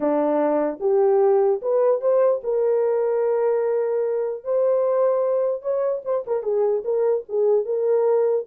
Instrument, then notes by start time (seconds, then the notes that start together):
horn
0.00 D4
0.80 G4
1.62 B4
2.01 C5
2.43 A#4
4.44 C5
5.62 C#5
6.04 C5
6.26 A#4
6.42 G#4
6.84 A#4
7.28 G#4
7.65 A#4